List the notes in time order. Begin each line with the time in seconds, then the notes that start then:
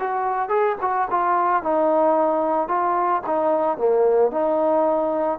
0.00 F#4
0.49 G#4
0.81 F#4
1.10 F4
1.63 D#4
2.68 F4
3.27 D#4
3.78 A#3
4.31 D#4